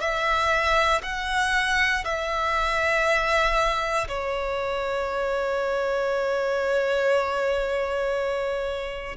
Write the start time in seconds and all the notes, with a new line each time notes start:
0.00 E5
1.03 F#5
2.05 E5
4.08 C#5